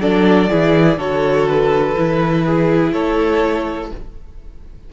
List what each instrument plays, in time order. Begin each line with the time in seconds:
0.00 cello F#3, viola D4, violin A4 D5
0.50 cello E3, viola E4, violin G#4
0.97 cello D3, viola F#4, violin A4 C#5
1.48 violin B4
1.96 cello E3, viola E4
2.45 violin G#4
2.92 cello A3, violin A4 C#5